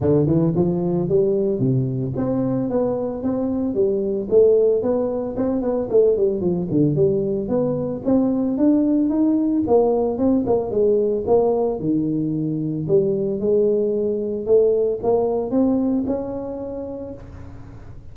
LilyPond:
\new Staff \with { instrumentName = "tuba" } { \time 4/4 \tempo 4 = 112 d8 e8 f4 g4 c4 | c'4 b4 c'4 g4 | a4 b4 c'8 b8 a8 g8 | f8 d8 g4 b4 c'4 |
d'4 dis'4 ais4 c'8 ais8 | gis4 ais4 dis2 | g4 gis2 a4 | ais4 c'4 cis'2 | }